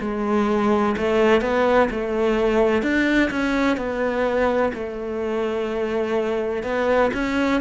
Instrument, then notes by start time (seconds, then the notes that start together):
cello
0.00 G#3
0.97 A3
1.41 B3
1.90 A3
2.82 D4
3.30 C#4
3.77 B3
4.74 A3
6.63 B3
7.13 C#4